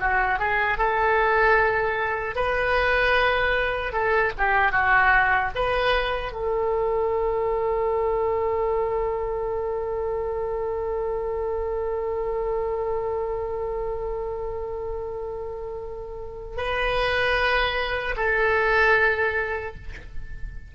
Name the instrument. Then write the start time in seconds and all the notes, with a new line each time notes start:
oboe
0.00 F#4
0.39 G#4
0.78 A4
2.36 B4
3.93 A4
4.38 G4
4.72 F#4
5.55 B4
6.33 A4
16.57 B4
18.17 A4